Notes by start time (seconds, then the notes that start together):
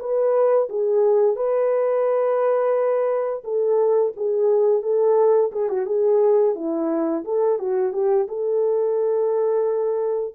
0.00 B4
0.70 G#4
1.37 B4
3.44 A4
4.17 G#4
4.83 A4
5.53 G#4
5.70 F#4
5.87 G#4
6.56 E4
7.25 A4
7.59 F#4
7.93 G4
8.29 A4